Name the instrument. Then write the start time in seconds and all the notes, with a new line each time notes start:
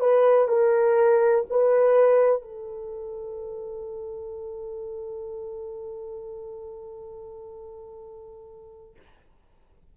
horn
0.00 B4
0.48 A#4
1.50 B4
2.42 A4